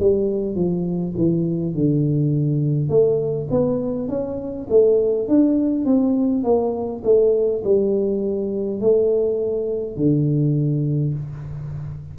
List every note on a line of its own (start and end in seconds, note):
0.00 0.56 G3
0.56 1.14 F3
1.18 1.75 E3
1.75 2.90 D3
2.90 3.49 A3
3.51 4.09 B3
4.09 4.67 C#4
4.70 5.28 A3
5.28 5.86 D4
5.86 6.44 C4
6.44 7.03 A#3
7.04 7.63 A3
7.65 8.81 G3
8.81 9.97 A3
9.97 11.14 D3